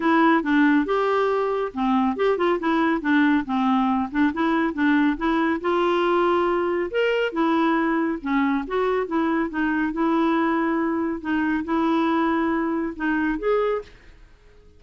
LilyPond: \new Staff \with { instrumentName = "clarinet" } { \time 4/4 \tempo 4 = 139 e'4 d'4 g'2 | c'4 g'8 f'8 e'4 d'4 | c'4. d'8 e'4 d'4 | e'4 f'2. |
ais'4 e'2 cis'4 | fis'4 e'4 dis'4 e'4~ | e'2 dis'4 e'4~ | e'2 dis'4 gis'4 | }